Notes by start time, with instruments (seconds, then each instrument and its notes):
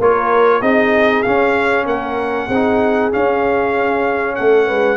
0.00 tuba A#3, trombone F4, horn A#4, trumpet C#5
0.61 tuba C4, trombone D#4, horn G#4, trumpet D#5
1.23 trombone C#4, tuba C#4, trumpet F5
1.86 tuba A#3, horn A#4, trumpet F#5
2.49 tuba C4, horn G#4
2.55 trombone D#4
3.12 trombone C#4, tuba C#4, trumpet F5
4.36 tuba A3, horn A4, trumpet F#5
4.67 tuba G#3, horn B4